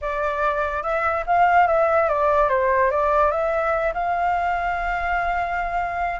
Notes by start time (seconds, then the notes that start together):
0.01 D5
0.82 E5
1.26 F5
1.67 E5
2.08 D5
2.49 C5
2.90 D5
3.31 E5
3.93 F5